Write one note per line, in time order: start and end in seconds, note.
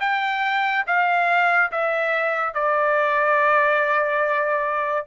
0.00 0.85 G5
0.86 1.71 F5
1.71 2.54 E5
2.54 5.06 D5